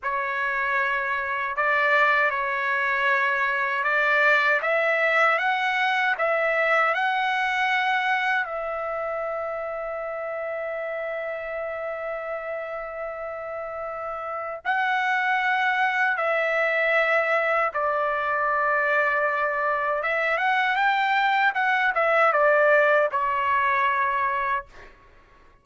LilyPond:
\new Staff \with { instrumentName = "trumpet" } { \time 4/4 \tempo 4 = 78 cis''2 d''4 cis''4~ | cis''4 d''4 e''4 fis''4 | e''4 fis''2 e''4~ | e''1~ |
e''2. fis''4~ | fis''4 e''2 d''4~ | d''2 e''8 fis''8 g''4 | fis''8 e''8 d''4 cis''2 | }